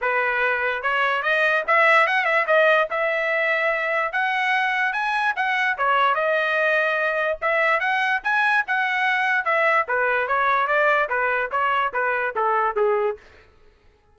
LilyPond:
\new Staff \with { instrumentName = "trumpet" } { \time 4/4 \tempo 4 = 146 b'2 cis''4 dis''4 | e''4 fis''8 e''8 dis''4 e''4~ | e''2 fis''2 | gis''4 fis''4 cis''4 dis''4~ |
dis''2 e''4 fis''4 | gis''4 fis''2 e''4 | b'4 cis''4 d''4 b'4 | cis''4 b'4 a'4 gis'4 | }